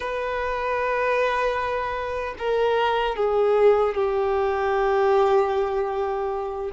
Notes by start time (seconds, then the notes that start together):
0.00 B4
2.38 A#4
3.15 G#4
3.95 G4